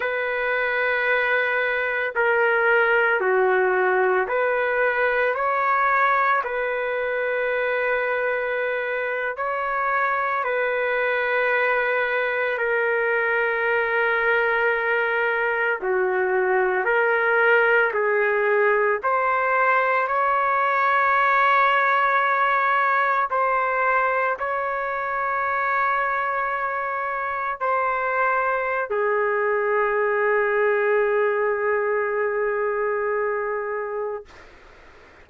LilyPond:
\new Staff \with { instrumentName = "trumpet" } { \time 4/4 \tempo 4 = 56 b'2 ais'4 fis'4 | b'4 cis''4 b'2~ | b'8. cis''4 b'2 ais'16~ | ais'2~ ais'8. fis'4 ais'16~ |
ais'8. gis'4 c''4 cis''4~ cis''16~ | cis''4.~ cis''16 c''4 cis''4~ cis''16~ | cis''4.~ cis''16 c''4~ c''16 gis'4~ | gis'1 | }